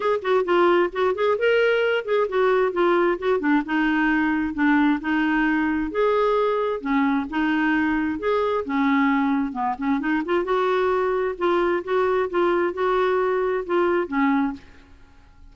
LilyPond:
\new Staff \with { instrumentName = "clarinet" } { \time 4/4 \tempo 4 = 132 gis'8 fis'8 f'4 fis'8 gis'8 ais'4~ | ais'8 gis'8 fis'4 f'4 fis'8 d'8 | dis'2 d'4 dis'4~ | dis'4 gis'2 cis'4 |
dis'2 gis'4 cis'4~ | cis'4 b8 cis'8 dis'8 f'8 fis'4~ | fis'4 f'4 fis'4 f'4 | fis'2 f'4 cis'4 | }